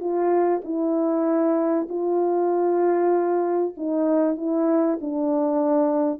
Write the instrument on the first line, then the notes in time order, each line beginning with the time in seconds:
horn
0.00 F4
0.64 E4
1.89 F4
3.77 D#4
4.37 E4
5.01 D4